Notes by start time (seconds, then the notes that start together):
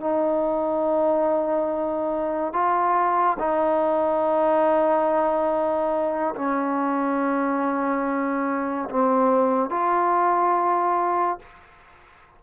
0.00 D#4
2.52 F4
3.38 D#4
6.35 C#4
8.90 C4
9.70 F4